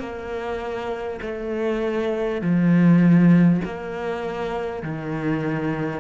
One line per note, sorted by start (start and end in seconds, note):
0.00 1.20 A#3
1.22 2.42 A3
2.42 3.62 F3
3.65 4.83 A#3
4.83 6.01 D#3